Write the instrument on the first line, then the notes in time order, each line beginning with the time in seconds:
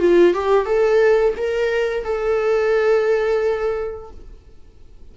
viola
0.00 F4
0.34 G4
0.66 A4
1.37 A#4
2.04 A4